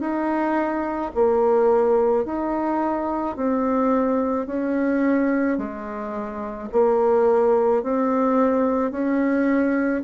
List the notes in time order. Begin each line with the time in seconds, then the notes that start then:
0.00 D#4
1.15 A#3
2.25 D#4
3.36 C4
4.47 C#4
5.58 G#3
6.72 A#3
7.83 C4
8.91 C#4